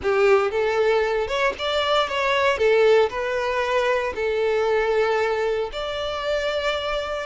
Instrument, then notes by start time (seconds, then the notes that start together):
violin
0.02 G4
0.51 A4
1.27 C#5
1.58 D5
2.08 C#5
2.57 A4
3.09 B4
4.15 A4
5.72 D5